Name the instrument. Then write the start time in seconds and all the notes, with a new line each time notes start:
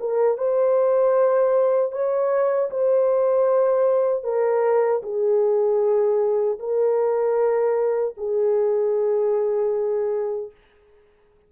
horn
0.00 A#4
0.38 C5
1.92 C#5
2.70 C5
4.24 A#4
5.03 G#4
6.59 A#4
8.17 G#4